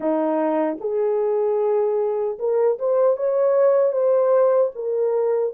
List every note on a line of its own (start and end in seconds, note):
0.00 0.78 D#4
0.80 2.38 G#4
2.39 2.78 A#4
2.78 3.17 C5
3.17 3.92 C#5
3.92 4.71 C5
4.75 5.53 A#4